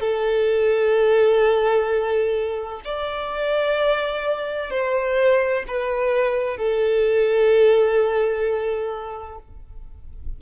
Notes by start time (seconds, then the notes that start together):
0.00 A4
2.84 D5
4.70 C5
5.67 B4
6.57 A4